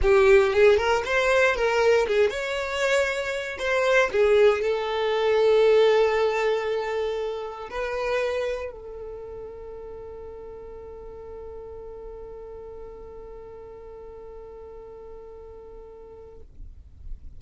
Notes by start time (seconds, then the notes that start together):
0.02 G4
0.53 G#4
0.77 A#4
1.05 C5
1.55 A#4
2.07 G#4
2.30 C#5
3.59 C5
4.11 G#4
4.61 A4
7.70 B4
8.71 A4